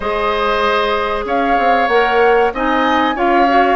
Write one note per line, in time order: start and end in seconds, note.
0.00 1.25 G#3
0.00 1.90 G#4
0.00 1.24 C5
0.00 1.23 D#5
1.25 1.56 C#4
1.25 2.53 C#5
1.25 1.87 F5
1.58 1.88 C4
1.87 2.51 A#3
1.87 2.54 A#4
1.87 2.51 F#5
2.53 3.15 C4
2.53 3.15 D#4
2.53 3.15 D#5
2.53 3.18 G#5
3.15 3.75 C#4
3.15 3.46 F4
3.15 3.75 C#5
3.15 3.75 F5
3.48 3.75 F#4